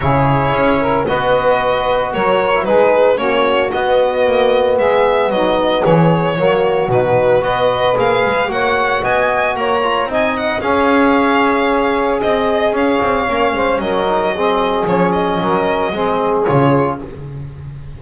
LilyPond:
<<
  \new Staff \with { instrumentName = "violin" } { \time 4/4 \tempo 4 = 113 cis''2 dis''2 | cis''4 b'4 cis''4 dis''4~ | dis''4 e''4 dis''4 cis''4~ | cis''4 b'4 dis''4 f''4 |
fis''4 gis''4 ais''4 gis''8 fis''8 | f''2. dis''4 | f''2 dis''2 | cis''8 dis''2~ dis''8 cis''4 | }
  \new Staff \with { instrumentName = "saxophone" } { \time 4/4 gis'4. ais'8 b'2 | ais'4 gis'4 fis'2~ | fis'4 gis'4 dis'4 gis'4 | fis'2 b'2 |
cis''4 dis''4 cis''4 dis''4 | cis''2. dis''4 | cis''4. c''8 ais'4 gis'4~ | gis'4 ais'4 gis'2 | }
  \new Staff \with { instrumentName = "trombone" } { \time 4/4 e'2 fis'2~ | fis'8. e'16 dis'4 cis'4 b4~ | b1 | ais4 dis'4 fis'4 gis'4 |
fis'2~ fis'8 f'8 dis'4 | gis'1~ | gis'4 cis'4. dis'8 c'4 | cis'2 c'4 f'4 | }
  \new Staff \with { instrumentName = "double bass" } { \time 4/4 cis4 cis'4 b2 | fis4 gis4 ais4 b4 | ais4 gis4 fis4 e4 | fis4 b,4 b4 ais8 gis8 |
ais4 b4 ais4 c'4 | cis'2. c'4 | cis'8 c'8 ais8 gis8 fis2 | f4 fis4 gis4 cis4 | }
>>